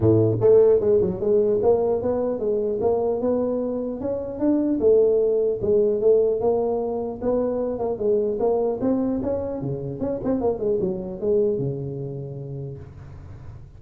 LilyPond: \new Staff \with { instrumentName = "tuba" } { \time 4/4 \tempo 4 = 150 a,4 a4 gis8 fis8 gis4 | ais4 b4 gis4 ais4 | b2 cis'4 d'4 | a2 gis4 a4 |
ais2 b4. ais8 | gis4 ais4 c'4 cis'4 | cis4 cis'8 c'8 ais8 gis8 fis4 | gis4 cis2. | }